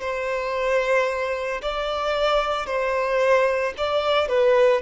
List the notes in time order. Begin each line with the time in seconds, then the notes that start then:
0.00 C5
1.61 D5
2.66 C5
3.77 D5
4.28 B4